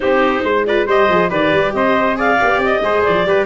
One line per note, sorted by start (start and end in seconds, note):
0.00 0.43 C4
0.00 0.63 D#4
0.00 0.44 G4
0.00 0.64 C5
0.43 0.86 G#3
0.43 0.65 C5
0.66 0.88 F4
0.66 0.86 B4
0.66 0.88 D5
0.86 1.08 G3
0.86 1.10 G4
0.86 1.30 C5
0.86 1.31 D#5
1.09 1.30 F3
1.09 1.30 G#4
1.30 1.52 D#3
1.30 2.15 G4
1.30 1.73 B4
1.30 1.73 D5
1.52 1.74 G3
1.73 2.39 C4
1.73 2.17 C5
1.73 2.17 D#5
2.15 2.37 G#4
2.15 2.83 D5
2.15 2.62 F5
2.39 2.58 B3
2.39 2.83 G4
2.58 2.79 C4
2.58 3.03 D#5
2.81 3.02 G#3
2.81 3.26 G#4
2.81 3.27 C5
3.03 3.25 F3
3.03 3.45 D5
3.25 3.45 G3
3.25 3.45 G4
3.25 3.45 B4